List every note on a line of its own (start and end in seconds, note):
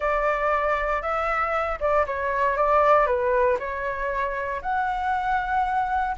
0.00 1.02 D5
1.02 1.79 E5
1.79 2.05 D5
2.06 2.56 C#5
2.56 3.06 D5
3.06 3.57 B4
3.59 4.61 C#5
4.62 6.16 F#5